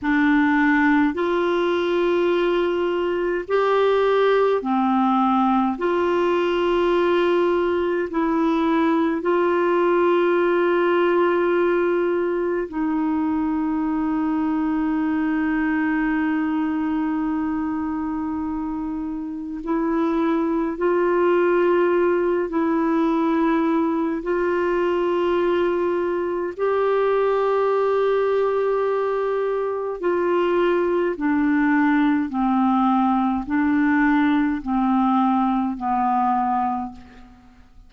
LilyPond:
\new Staff \with { instrumentName = "clarinet" } { \time 4/4 \tempo 4 = 52 d'4 f'2 g'4 | c'4 f'2 e'4 | f'2. dis'4~ | dis'1~ |
dis'4 e'4 f'4. e'8~ | e'4 f'2 g'4~ | g'2 f'4 d'4 | c'4 d'4 c'4 b4 | }